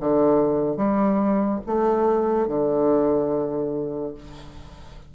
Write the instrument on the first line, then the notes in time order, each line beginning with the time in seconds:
bassoon
0.00 D3
0.77 G3
1.67 A3
2.48 D3